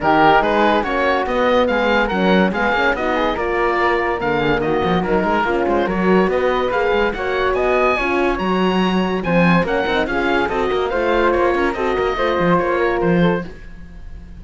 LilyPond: <<
  \new Staff \with { instrumentName = "oboe" } { \time 4/4 \tempo 4 = 143 ais'4 b'4 cis''4 dis''4 | f''4 fis''4 f''4 dis''4 | d''2 f''4 dis''4 | ais'4. c''8 cis''4 dis''4 |
f''4 fis''4 gis''2 | ais''2 gis''4 fis''4 | f''4 dis''4 f''4 cis''4 | dis''2 cis''4 c''4 | }
  \new Staff \with { instrumentName = "flute" } { \time 4/4 g'4 gis'4 fis'2 | gis'4 ais'4 gis'4 fis'8 gis'8 | ais'2~ ais'8 gis'8 fis'4 | ais'4 f'4 ais'4 b'4~ |
b'4 cis''4 dis''4 cis''4~ | cis''2 c''4 ais'4 | gis'4 a'8 ais'8 c''4. ais'8 | a'8 ais'8 c''4. ais'4 a'8 | }
  \new Staff \with { instrumentName = "horn" } { \time 4/4 dis'2 cis'4 b4~ | b4 cis'4 b8 cis'8 dis'4 | f'2 ais2 | dis'4 cis'4 fis'2 |
gis'4 fis'2 f'4 | fis'2 c'4 cis'8 dis'8 | f'4 fis'4 f'2 | fis'4 f'2. | }
  \new Staff \with { instrumentName = "cello" } { \time 4/4 dis4 gis4 ais4 b4 | gis4 fis4 gis8 ais8 b4 | ais2 d4 dis8 f8 | fis8 gis8 ais8 gis8 fis4 b4 |
ais8 gis8 ais4 b4 cis'4 | fis2 f4 ais8 c'8 | cis'4 c'8 ais8 a4 ais8 cis'8 | c'8 ais8 a8 f8 ais4 f4 | }
>>